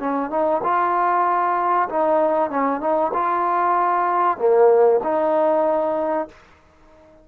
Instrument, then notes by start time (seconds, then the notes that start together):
trombone
0.00 C#4
0.30 D#4
0.64 F4
1.89 D#4
2.50 C#4
2.81 D#4
3.13 F4
4.38 A#3
5.04 D#4